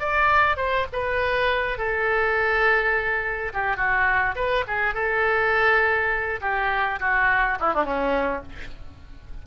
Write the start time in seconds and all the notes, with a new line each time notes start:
0.00 D5
0.57 C5
0.93 B4
1.78 A4
3.53 G4
3.77 F#4
4.36 B4
4.67 G#4
4.95 A4
6.41 G4
7.00 F#4
7.60 E4
7.74 D4
7.85 C#4